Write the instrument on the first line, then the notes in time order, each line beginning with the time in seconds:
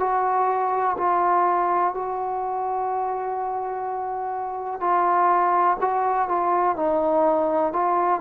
trombone
0.00 F#4
0.98 F4
1.94 F#4
4.81 F4
5.81 F#4
6.29 F4
6.77 D#4
7.73 F4